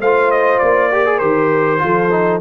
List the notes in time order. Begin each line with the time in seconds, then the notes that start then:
0.00 A3 F4 C5 F5
0.31 D#5
0.59 A#3 D5
0.92 G4 A#4
1.06 G#4
1.19 D#3 G4 C5
1.79 F3 F4 A4
2.11 D#4